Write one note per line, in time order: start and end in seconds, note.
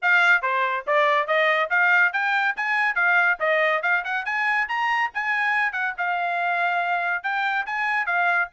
0.02 0.42 F5
0.42 0.84 C5
0.86 1.27 D5
1.27 1.69 D#5
1.70 2.12 F5
2.12 2.55 G5
2.56 2.95 G#5
2.95 3.38 F5
3.39 3.82 D#5
3.82 4.03 F5
4.04 4.25 F#5
4.25 4.68 G#5
4.68 5.11 A#5
5.14 5.72 G#5
5.72 5.93 F#5
5.97 7.23 F5
7.23 7.65 G5
7.66 8.05 G#5
8.05 8.48 F5